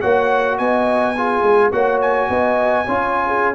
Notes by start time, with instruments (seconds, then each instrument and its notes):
0.00 tuba A#3, trombone F#4, horn C#5, trumpet F#5
0.58 tuba B3, horn D#5, trumpet G#5
1.17 trombone F4, horn G#4
1.42 tuba G#3
1.71 tuba A#3, trombone F#4, horn C#5, trumpet F#5
2.01 trumpet G#5
2.29 tuba B3, horn D#5
2.85 tuba C#4, trombone F4, horn C#5
3.27 horn G#4